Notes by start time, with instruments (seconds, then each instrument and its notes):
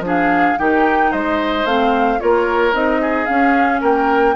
0.00 bassoon F3, clarinet D4
0.06 oboe G#4, flute F5
0.58 bassoon D#3, clarinet D#4, oboe G4, flute G5
1.11 bassoon G#3, oboe C5, flute D#5
1.65 bassoon A3, clarinet C4, flute F5
2.20 bassoon A#3, clarinet F4, oboe A#4, flute C#5
2.73 bassoon C4, clarinet D#4, flute D#5
3.01 oboe G#4
3.26 clarinet C#4, bassoon C#4, flute F5
3.81 bassoon A#3, oboe A#4, flute G5